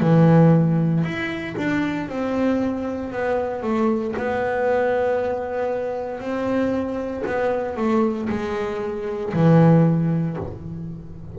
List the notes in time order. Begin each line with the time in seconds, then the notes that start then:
0.00 E3
1.03 E4
1.57 D4
2.08 C4
3.12 B3
3.63 A3
4.17 B3
6.20 C4
7.26 B3
7.76 A3
8.29 G#3
9.33 E3